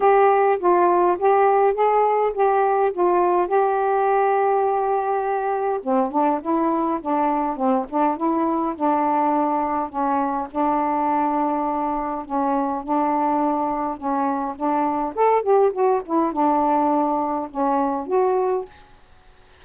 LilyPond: \new Staff \with { instrumentName = "saxophone" } { \time 4/4 \tempo 4 = 103 g'4 f'4 g'4 gis'4 | g'4 f'4 g'2~ | g'2 c'8 d'8 e'4 | d'4 c'8 d'8 e'4 d'4~ |
d'4 cis'4 d'2~ | d'4 cis'4 d'2 | cis'4 d'4 a'8 g'8 fis'8 e'8 | d'2 cis'4 fis'4 | }